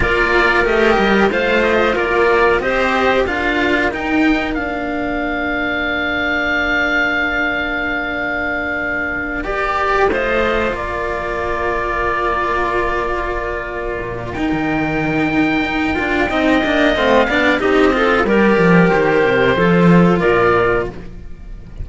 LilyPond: <<
  \new Staff \with { instrumentName = "oboe" } { \time 4/4 \tempo 4 = 92 d''4 dis''4 f''8 dis''8 d''4 | dis''4 f''4 g''4 f''4~ | f''1~ | f''2~ f''8 d''4 dis''8~ |
dis''8 d''2.~ d''8~ | d''2 g''2~ | g''2 f''4 dis''4 | d''4 c''2 d''4 | }
  \new Staff \with { instrumentName = "clarinet" } { \time 4/4 ais'2 c''4 ais'4 | c''4 ais'2.~ | ais'1~ | ais'2.~ ais'8 c''8~ |
c''8 ais'2.~ ais'8~ | ais'1~ | ais'4 dis''4. d''8 g'8 a'8 | ais'2 a'4 ais'4 | }
  \new Staff \with { instrumentName = "cello" } { \time 4/4 f'4 g'4 f'2 | g'4 f'4 dis'4 d'4~ | d'1~ | d'2~ d'8 g'4 f'8~ |
f'1~ | f'2 dis'2~ | dis'8 f'8 dis'8 d'8 c'8 d'8 dis'8 f'8 | g'2 f'2 | }
  \new Staff \with { instrumentName = "cello" } { \time 4/4 ais4 a8 g8 a4 ais4 | c'4 d'4 dis'4 ais4~ | ais1~ | ais2.~ ais8 a8~ |
a8 ais2.~ ais8~ | ais4. ais,8 dis'16 dis4.~ dis16 | dis'8 d'8 c'8 ais8 a8 b8 c'4 | g8 f8 dis8 c8 f4 ais,4 | }
>>